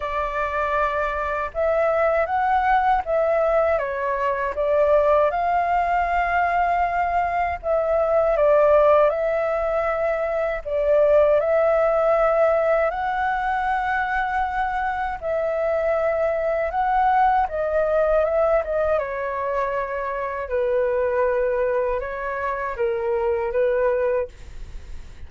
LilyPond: \new Staff \with { instrumentName = "flute" } { \time 4/4 \tempo 4 = 79 d''2 e''4 fis''4 | e''4 cis''4 d''4 f''4~ | f''2 e''4 d''4 | e''2 d''4 e''4~ |
e''4 fis''2. | e''2 fis''4 dis''4 | e''8 dis''8 cis''2 b'4~ | b'4 cis''4 ais'4 b'4 | }